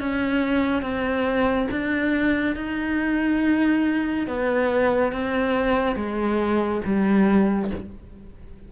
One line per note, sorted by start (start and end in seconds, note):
0.00 0.83 C#4
0.83 1.68 C4
1.71 2.56 D4
2.56 4.27 D#4
4.27 5.13 B3
5.13 5.96 C4
5.96 6.82 G#3
6.85 7.71 G3